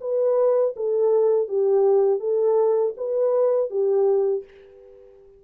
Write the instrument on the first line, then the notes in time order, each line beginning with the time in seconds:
horn
0.00 B4
0.76 A4
1.48 G4
2.20 A4
2.97 B4
3.70 G4